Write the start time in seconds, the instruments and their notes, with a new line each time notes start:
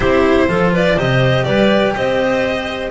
0.00 double bass C4, cello E4, clarinet G4, violin C5
0.48 double bass F3, cello F4, clarinet A4
0.72 clarinet B4, violin D5
0.96 double bass C3, cello G4, clarinet C5, violin D#5
1.44 double bass G3, clarinet B4, violin D5
1.95 double bass C4, clarinet C5, violin D#5